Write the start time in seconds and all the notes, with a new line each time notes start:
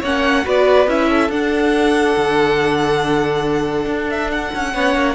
0.00 A#3 C#4 C#5 F#5
0.44 B3 F#4 B4 D5
0.88 C#4 E4 E5
1.10 A4
1.30 D4 F#5
2.17 D3
3.86 D4
4.10 E5
4.32 F#5
4.55 C#4
4.74 B3 C#4 C#5
4.96 A#3